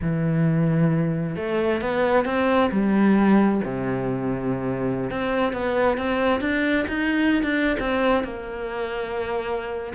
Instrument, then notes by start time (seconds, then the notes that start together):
cello
0.01 E3
1.36 A3
1.81 B3
2.25 C4
2.71 G3
3.64 C3
5.10 C4
5.53 B3
5.97 C4
6.41 D4
6.88 D#4
7.42 D4
7.79 C4
8.24 A#3